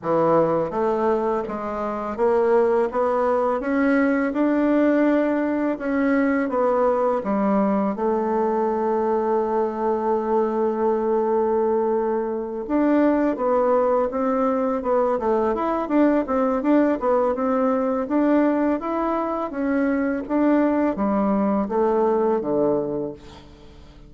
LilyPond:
\new Staff \with { instrumentName = "bassoon" } { \time 4/4 \tempo 4 = 83 e4 a4 gis4 ais4 | b4 cis'4 d'2 | cis'4 b4 g4 a4~ | a1~ |
a4. d'4 b4 c'8~ | c'8 b8 a8 e'8 d'8 c'8 d'8 b8 | c'4 d'4 e'4 cis'4 | d'4 g4 a4 d4 | }